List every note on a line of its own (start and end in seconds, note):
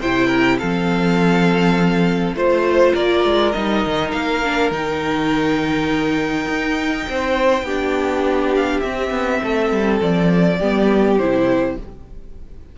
0.00 0.61 C3
0.00 0.61 E4
0.00 0.27 C5
0.00 0.58 G5
0.27 0.56 A#4
0.58 2.34 F3
0.58 2.36 C4
0.58 2.35 A4
0.58 2.34 F5
2.34 2.92 A3
2.34 3.53 F4
2.34 2.93 C5
2.34 2.95 C5
2.93 3.24 A#3
2.93 7.05 A#4
2.93 3.52 D5
3.24 3.54 G#3
3.52 3.85 G3
3.52 4.43 D#4
3.52 4.10 D#5
3.85 4.13 D#3
4.12 4.71 A#3
4.12 4.70 F5
4.44 4.73 D4
4.71 6.47 D#3
4.71 7.67 D#4
4.71 8.54 G5
6.47 7.06 D#4
7.09 7.62 C4
7.09 7.65 C5
7.62 8.80 B3
7.62 8.83 D4
7.62 9.41 G4
8.56 8.80 F5
8.80 10.59 C4
8.80 9.10 C4
8.80 9.98 E5
9.10 9.40 B3
9.43 9.71 A3
9.43 10.58 A4
9.71 10.00 G3
10.01 10.60 F3
10.01 11.18 D5
10.58 11.19 G3
10.58 11.19 B3
10.58 11.76 G4
11.18 11.77 C3
11.18 11.78 E4
11.18 11.76 C5